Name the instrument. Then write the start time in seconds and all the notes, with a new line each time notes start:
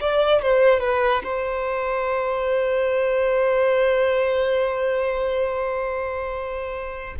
violin
0.00 D5
0.41 C5
0.80 B4
1.23 C5